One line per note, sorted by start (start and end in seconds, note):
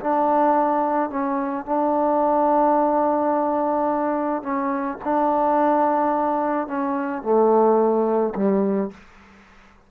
0.00 1.10 D4
1.10 1.65 C#4
1.65 4.42 D4
4.42 4.98 C#4
5.04 6.67 D4
6.67 7.22 C#4
7.22 8.33 A3
8.35 8.90 G3